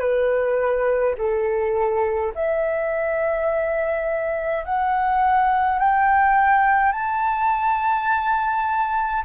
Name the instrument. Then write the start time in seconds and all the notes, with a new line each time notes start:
flute
0.00 B4
1.18 A4
2.35 E5
4.65 F#5
5.80 G5
6.92 A5